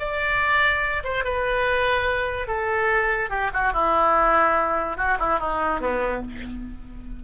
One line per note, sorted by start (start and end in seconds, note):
0.00 1.03 D5
1.04 1.25 C5
1.25 2.48 B4
2.48 3.30 A4
3.30 3.51 G4
3.54 3.74 F#4
3.74 4.98 E4
4.98 5.18 F#4
5.19 5.40 E4
5.40 5.81 D#4
5.81 6.22 B3